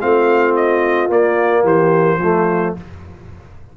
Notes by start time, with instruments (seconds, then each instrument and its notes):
0.00 tuba A3, trombone C4, horn F4, trumpet F5
0.55 trumpet D#5
1.09 tuba A#3, trombone A#3, trumpet D5
1.63 tuba E3, horn G4, trumpet C5
2.17 tuba F3, trombone A3, horn F4